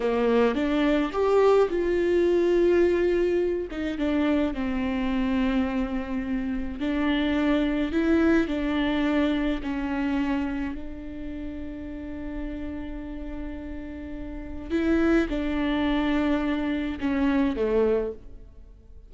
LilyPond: \new Staff \with { instrumentName = "viola" } { \time 4/4 \tempo 4 = 106 ais4 d'4 g'4 f'4~ | f'2~ f'8 dis'8 d'4 | c'1 | d'2 e'4 d'4~ |
d'4 cis'2 d'4~ | d'1~ | d'2 e'4 d'4~ | d'2 cis'4 a4 | }